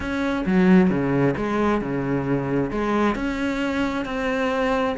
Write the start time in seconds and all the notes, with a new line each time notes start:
0.00 C#4
0.46 F#3
0.89 C#3
1.36 G#3
1.81 C#3
2.71 G#3
3.15 C#4
4.05 C4